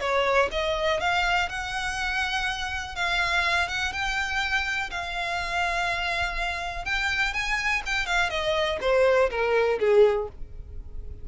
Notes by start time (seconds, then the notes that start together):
0.00 C#5
0.51 D#5
1.00 F5
1.49 F#5
2.96 F5
3.68 F#5
3.93 G5
4.90 F5
6.85 G5
7.33 G#5
7.86 G5
8.06 F5
8.30 D#5
8.81 C5
9.30 A#4
9.79 G#4